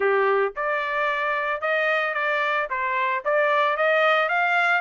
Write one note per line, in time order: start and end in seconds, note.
0.00 0.53 G4
0.56 1.61 D5
1.61 2.14 D#5
2.14 2.67 D5
2.70 3.23 C5
3.24 3.76 D5
3.76 4.28 D#5
4.28 4.81 F5